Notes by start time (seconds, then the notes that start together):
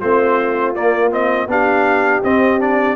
0.00 A3 C4 F4 C5
0.75 A#3 D5
1.10 C4 D#5
1.47 B3 D4 G4 F5
2.23 C4 D#5
2.59 D4 D5